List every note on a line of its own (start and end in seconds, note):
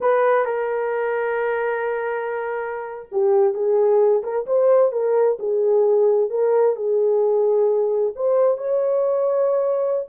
0.00 0.45 B4
0.45 3.08 A#4
3.11 3.54 G4
3.54 4.22 G#4
4.23 4.46 A#4
4.46 4.92 C5
4.92 5.38 A#4
5.39 6.30 G#4
6.30 6.76 A#4
6.76 8.13 G#4
8.15 8.57 C5
8.57 10.06 C#5